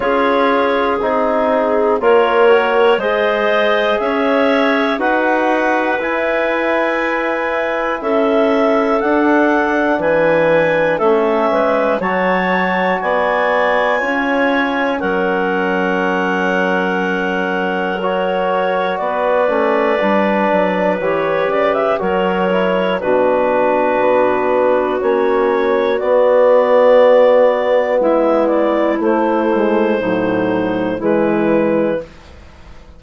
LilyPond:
<<
  \new Staff \with { instrumentName = "clarinet" } { \time 4/4 \tempo 4 = 60 cis''4 gis'4 cis''4 dis''4 | e''4 fis''4 gis''2 | e''4 fis''4 gis''4 e''4 | a''4 gis''2 fis''4~ |
fis''2 cis''4 d''4~ | d''4 cis''8 d''16 e''16 cis''4 b'4~ | b'4 cis''4 d''2 | e''8 d''8 c''2 b'4 | }
  \new Staff \with { instrumentName = "clarinet" } { \time 4/4 gis'2 ais'4 c''4 | cis''4 b'2. | a'2 b'4 a'8 b'8 | cis''4 d''4 cis''4 ais'4~ |
ais'2. b'4~ | b'2 ais'4 fis'4~ | fis'1 | e'2 dis'4 e'4 | }
  \new Staff \with { instrumentName = "trombone" } { \time 4/4 f'4 dis'4 f'8 fis'8 gis'4~ | gis'4 fis'4 e'2~ | e'4 d'2 cis'4 | fis'2 f'4 cis'4~ |
cis'2 fis'4. cis'8 | d'4 g'4 fis'8 e'8 d'4~ | d'4 cis'4 b2~ | b4 a8 gis8 fis4 gis4 | }
  \new Staff \with { instrumentName = "bassoon" } { \time 4/4 cis'4 c'4 ais4 gis4 | cis'4 dis'4 e'2 | cis'4 d'4 e4 a8 gis8 | fis4 b4 cis'4 fis4~ |
fis2. b8 a8 | g8 fis8 e8 cis8 fis4 b,4 | b4 ais4 b2 | gis4 a4 a,4 e4 | }
>>